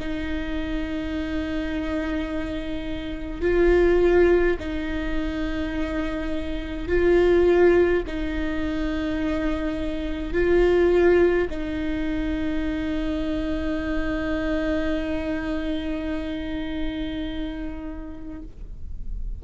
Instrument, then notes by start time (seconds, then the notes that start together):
viola
0.00 D#4
3.41 F4
4.59 D#4
6.88 F4
8.07 D#4
10.33 F4
11.50 D#4